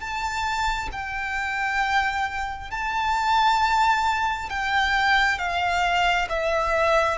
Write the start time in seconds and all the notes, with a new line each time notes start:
0.00 A5
0.92 G5
2.71 A5
4.50 G5
5.39 F5
6.29 E5